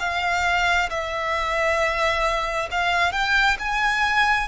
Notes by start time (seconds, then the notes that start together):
0.00 F5
0.90 E5
2.71 F5
3.12 G5
3.59 G#5